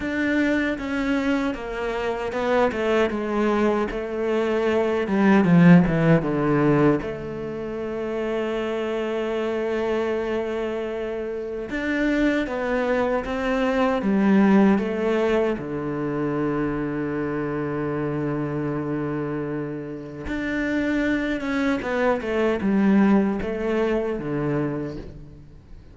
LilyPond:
\new Staff \with { instrumentName = "cello" } { \time 4/4 \tempo 4 = 77 d'4 cis'4 ais4 b8 a8 | gis4 a4. g8 f8 e8 | d4 a2.~ | a2. d'4 |
b4 c'4 g4 a4 | d1~ | d2 d'4. cis'8 | b8 a8 g4 a4 d4 | }